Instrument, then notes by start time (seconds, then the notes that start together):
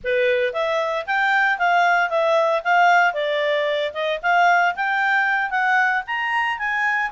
clarinet
0.04 B4
0.53 E5
1.06 G5
1.58 F5
2.09 E5
2.64 F5
3.13 D5
3.93 D#5
4.22 F5
4.75 G5
5.50 F#5
6.06 A#5
6.58 G#5